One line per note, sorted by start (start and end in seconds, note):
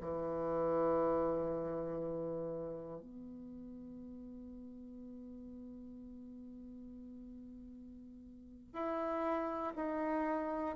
0.00 3.00 E3
3.00 8.73 B3
8.73 9.73 E4
9.75 10.75 D#4